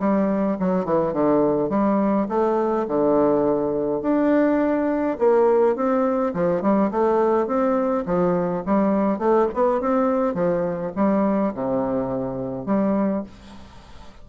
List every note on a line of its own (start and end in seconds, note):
0.00 0.58 G3
0.60 0.85 F#3
0.85 1.13 E3
1.13 1.70 D3
1.70 2.28 G3
2.29 2.87 A3
2.88 4.02 D3
4.02 5.18 D4
5.19 5.76 A#3
5.76 6.34 C4
6.34 6.62 F3
6.62 6.91 G3
6.91 7.47 A3
7.47 8.05 C4
8.06 8.64 F3
8.66 9.19 G3
9.19 9.48 A3
9.54 9.81 B3
9.81 10.35 C4
10.35 10.92 F3
10.96 11.54 G3
11.54 12.66 C3
12.66 13.24 G3